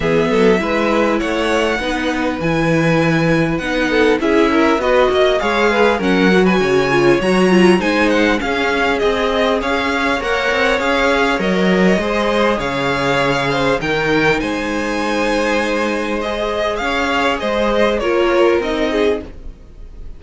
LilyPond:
<<
  \new Staff \with { instrumentName = "violin" } { \time 4/4 \tempo 4 = 100 e''2 fis''2 | gis''2 fis''4 e''4 | dis''4 f''4 fis''8. gis''4~ gis''16 | ais''4 gis''8 fis''8 f''4 dis''4 |
f''4 fis''4 f''4 dis''4~ | dis''4 f''2 g''4 | gis''2. dis''4 | f''4 dis''4 cis''4 dis''4 | }
  \new Staff \with { instrumentName = "violin" } { \time 4/4 gis'8 a'8 b'4 cis''4 b'4~ | b'2~ b'8 a'8 gis'8 ais'8 | b'8 dis''8 cis''8 b'8 ais'8. b'16 cis''4~ | cis''4 c''4 gis'2 |
cis''1 | c''4 cis''4. c''8 ais'4 | c''1 | cis''4 c''4 ais'4. gis'8 | }
  \new Staff \with { instrumentName = "viola" } { \time 4/4 b4 e'2 dis'4 | e'2 dis'4 e'4 | fis'4 gis'4 cis'8 fis'4 f'8 | fis'8 f'8 dis'4 cis'4 gis'4~ |
gis'4 ais'4 gis'4 ais'4 | gis'2. dis'4~ | dis'2. gis'4~ | gis'2 f'4 dis'4 | }
  \new Staff \with { instrumentName = "cello" } { \time 4/4 e8 fis8 gis4 a4 b4 | e2 b4 cis'4 | b8 ais8 gis4 fis4 cis4 | fis4 gis4 cis'4 c'4 |
cis'4 ais8 c'8 cis'4 fis4 | gis4 cis2 dis4 | gis1 | cis'4 gis4 ais4 c'4 | }
>>